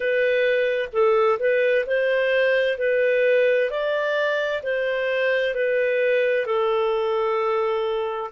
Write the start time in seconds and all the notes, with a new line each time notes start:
0.00 B4
0.92 A4
1.39 B4
1.86 C5
2.78 B4
3.70 D5
4.62 C5
5.54 B4
6.46 A4